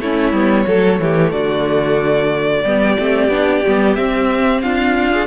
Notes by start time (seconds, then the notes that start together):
0.00 A3 C#4 E4 C#5
0.32 G3 B3
0.67 F#3 A3 A4
0.99 E3 G4
1.32 D3 F#4 D5
2.64 G3 B3 G4
2.98 A3 C4
3.28 B3 D4
3.67 G3 B3
3.95 C4 E5
4.61 D4 F4 F5
5.11 G#4